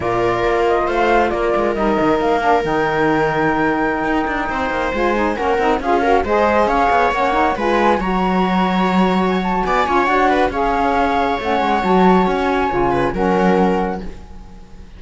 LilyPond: <<
  \new Staff \with { instrumentName = "flute" } { \time 4/4 \tempo 4 = 137 d''4. dis''8 f''4 d''4 | dis''4 f''4 g''2~ | g''2.~ g''16 gis''8.~ | gis''16 fis''4 f''4 dis''4 f''8.~ |
f''16 fis''4 gis''4 ais''4.~ ais''16~ | ais''4~ ais''16 gis''16 a''8 gis''4 fis''4 | f''2 fis''4 a''4 | gis''2 fis''2 | }
  \new Staff \with { instrumentName = "viola" } { \time 4/4 ais'2 c''4 ais'4~ | ais'1~ | ais'2~ ais'16 c''4.~ c''16~ | c''16 ais'4 gis'8 ais'8 c''4 cis''8.~ |
cis''4~ cis''16 b'4 cis''4.~ cis''16~ | cis''2 d''8 cis''4 b'8 | cis''1~ | cis''4. b'8 ais'2 | }
  \new Staff \with { instrumentName = "saxophone" } { \time 4/4 f'1 | dis'4. d'8 dis'2~ | dis'2.~ dis'16 f'8 dis'16~ | dis'16 cis'8 dis'8 f'8 fis'8 gis'4.~ gis'16~ |
gis'16 cis'8 dis'8 f'4 fis'4.~ fis'16~ | fis'2~ fis'8 f'8 fis'4 | gis'2 cis'4 fis'4~ | fis'4 f'4 cis'2 | }
  \new Staff \with { instrumentName = "cello" } { \time 4/4 ais,4 ais4 a4 ais8 gis8 | g8 dis8 ais4 dis2~ | dis4~ dis16 dis'8 d'8 c'8 ais8 gis8.~ | gis16 ais8 c'8 cis'4 gis4 cis'8 b16~ |
b16 ais4 gis4 fis4.~ fis16~ | fis2 b8 cis'8 d'4 | cis'2 a8 gis8 fis4 | cis'4 cis4 fis2 | }
>>